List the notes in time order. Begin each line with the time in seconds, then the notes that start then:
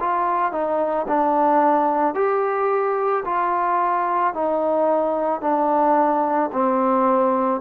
0.00 F4
0.52 D#4
1.08 D4
2.15 G4
3.25 F4
4.34 D#4
5.41 D4
6.53 C4